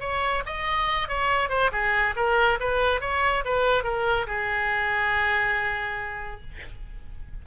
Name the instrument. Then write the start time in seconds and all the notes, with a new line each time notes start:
oboe
0.00 C#5
0.46 D#5
1.08 C#5
1.49 C5
1.72 G#4
2.16 A#4
2.60 B4
3.01 C#5
3.45 B4
3.83 A#4
4.27 G#4